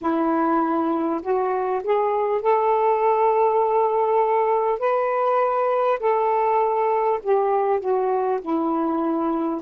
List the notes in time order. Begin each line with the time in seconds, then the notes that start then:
0.01 E4
1.22 F#4
1.83 G#4
2.41 A4
4.79 B4
5.99 A4
7.22 G4
7.80 F#4
8.41 E4